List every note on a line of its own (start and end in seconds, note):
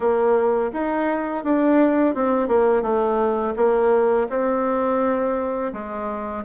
0.00 0.71 A#3
0.72 1.44 D#4
1.44 2.14 D4
2.14 2.48 C4
2.48 2.82 A#3
2.82 3.54 A3
3.56 4.27 A#3
4.29 5.72 C4
5.72 6.44 G#3